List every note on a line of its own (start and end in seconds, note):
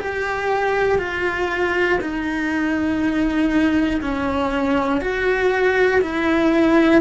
0.00 0.99 G4
0.99 1.99 F4
2.01 4.01 D#4
4.01 5.01 C#4
5.01 6.01 F#4
6.01 7.01 E4